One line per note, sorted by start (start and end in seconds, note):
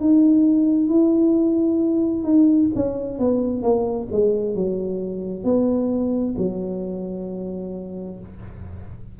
0.00 0.89 D#4
0.89 2.24 E4
2.24 2.69 D#4
2.76 3.19 C#4
3.19 3.63 B3
3.63 4.08 A#3
4.12 4.55 G#3
4.55 5.44 F#3
5.44 6.35 B3
6.38 8.20 F#3